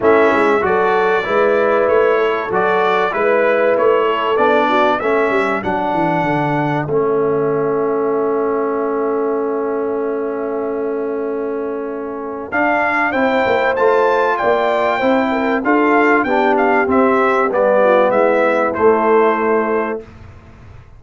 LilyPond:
<<
  \new Staff \with { instrumentName = "trumpet" } { \time 4/4 \tempo 4 = 96 e''4 d''2 cis''4 | d''4 b'4 cis''4 d''4 | e''4 fis''2 e''4~ | e''1~ |
e''1 | f''4 g''4 a''4 g''4~ | g''4 f''4 g''8 f''8 e''4 | d''4 e''4 c''2 | }
  \new Staff \with { instrumentName = "horn" } { \time 4/4 e'4 a'4 b'4. a'8~ | a'4 b'4. a'4 fis'8 | a'1~ | a'1~ |
a'1~ | a'4 c''2 d''4 | c''8 ais'8 a'4 g'2~ | g'8 f'8 e'2. | }
  \new Staff \with { instrumentName = "trombone" } { \time 4/4 cis'4 fis'4 e'2 | fis'4 e'2 d'4 | cis'4 d'2 cis'4~ | cis'1~ |
cis'1 | d'4 e'4 f'2 | e'4 f'4 d'4 c'4 | b2 a2 | }
  \new Staff \with { instrumentName = "tuba" } { \time 4/4 a8 gis8 fis4 gis4 a4 | fis4 gis4 a4 b4 | a8 g8 fis8 e8 d4 a4~ | a1~ |
a1 | d'4 c'8 ais8 a4 ais4 | c'4 d'4 b4 c'4 | g4 gis4 a2 | }
>>